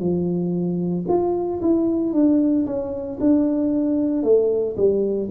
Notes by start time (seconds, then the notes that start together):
0.00 F3
1.09 F4
1.62 E4
2.13 D4
2.67 C#4
3.21 D4
4.24 A3
4.77 G3